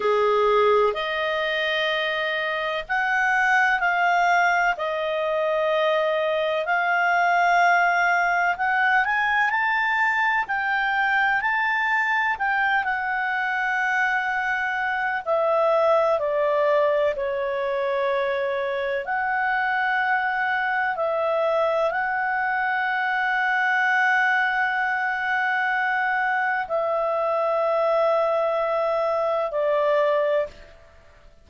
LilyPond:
\new Staff \with { instrumentName = "clarinet" } { \time 4/4 \tempo 4 = 63 gis'4 dis''2 fis''4 | f''4 dis''2 f''4~ | f''4 fis''8 gis''8 a''4 g''4 | a''4 g''8 fis''2~ fis''8 |
e''4 d''4 cis''2 | fis''2 e''4 fis''4~ | fis''1 | e''2. d''4 | }